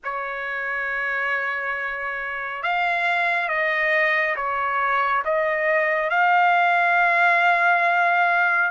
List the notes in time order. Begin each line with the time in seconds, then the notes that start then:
0.04 C#5
2.62 F5
3.48 D#5
4.36 C#5
5.25 D#5
6.09 F5